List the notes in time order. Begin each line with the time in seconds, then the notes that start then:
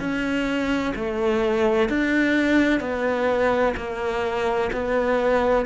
0.00 C#4
0.95 A3
1.89 D4
2.80 B3
3.77 A#3
4.73 B3